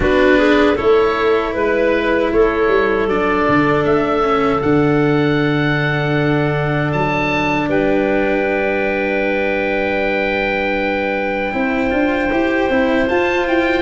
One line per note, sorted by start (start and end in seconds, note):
0.00 0.77 B3
0.00 0.76 D4
0.00 0.37 F#4
0.00 0.77 B4
0.37 0.75 G#4
0.75 1.54 A3
0.75 3.08 E4
0.75 1.52 A4
0.75 1.54 C#5
1.53 2.31 G#3
1.53 2.29 B4
1.53 2.33 B4
2.32 2.68 A3
2.32 7.68 A4
2.32 3.08 C#5
2.68 3.06 G3
3.06 3.45 F#3
3.06 4.22 D4
3.06 3.84 D5
3.48 3.84 D3
3.84 4.61 A3
3.84 4.61 E5
4.22 4.61 C#4
4.61 6.93 D3
4.61 11.52 D4
4.61 6.92 F#5
6.92 7.68 F#3
6.92 7.69 A5
7.68 11.52 G3
7.68 11.53 B4
7.68 13.08 G5
11.52 11.92 C4
11.52 11.90 E4
11.52 13.82 C5
11.90 12.30 D4
11.90 12.29 F4
12.30 12.68 E4
12.30 12.70 G4
12.69 13.08 C4
12.69 13.08 E4
13.08 13.82 F4
13.08 13.45 F4
13.08 13.46 A5
13.45 13.82 E4
13.45 13.82 G5